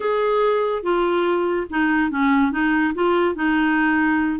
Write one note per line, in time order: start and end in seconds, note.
0.00 0.82 G#4
0.82 1.66 F4
1.69 2.10 D#4
2.10 2.51 C#4
2.51 2.93 D#4
2.94 3.35 F4
3.35 4.39 D#4